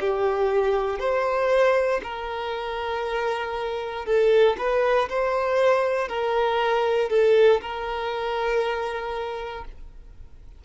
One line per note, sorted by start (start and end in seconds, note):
0.00 0.99 G4
0.99 2.01 C5
2.03 4.05 A#4
4.05 4.56 A4
4.58 5.08 B4
5.09 6.08 C5
6.08 7.10 A#4
7.10 7.60 A4
7.61 9.64 A#4